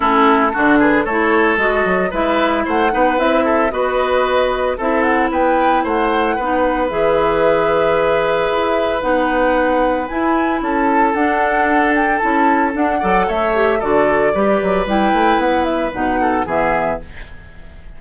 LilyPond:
<<
  \new Staff \with { instrumentName = "flute" } { \time 4/4 \tempo 4 = 113 a'4. b'8 cis''4 dis''4 | e''4 fis''4 e''4 dis''4~ | dis''4 e''8 fis''8 g''4 fis''4~ | fis''4 e''2.~ |
e''4 fis''2 gis''4 | a''4 fis''4. g''8 a''4 | fis''4 e''4 d''2 | g''4 fis''8 e''8 fis''4 e''4 | }
  \new Staff \with { instrumentName = "oboe" } { \time 4/4 e'4 fis'8 gis'8 a'2 | b'4 c''8 b'4 a'8 b'4~ | b'4 a'4 b'4 c''4 | b'1~ |
b'1 | a'1~ | a'8 d''8 cis''4 a'4 b'4~ | b'2~ b'8 a'8 gis'4 | }
  \new Staff \with { instrumentName = "clarinet" } { \time 4/4 cis'4 d'4 e'4 fis'4 | e'4. dis'8 e'4 fis'4~ | fis'4 e'2. | dis'4 gis'2.~ |
gis'4 dis'2 e'4~ | e'4 d'2 e'4 | d'8 a'4 g'8 fis'4 g'4 | e'2 dis'4 b4 | }
  \new Staff \with { instrumentName = "bassoon" } { \time 4/4 a4 d4 a4 gis8 fis8 | gis4 a8 b8 c'4 b4~ | b4 c'4 b4 a4 | b4 e2. |
e'4 b2 e'4 | cis'4 d'2 cis'4 | d'8 fis8 a4 d4 g8 fis8 | g8 a8 b4 b,4 e4 | }
>>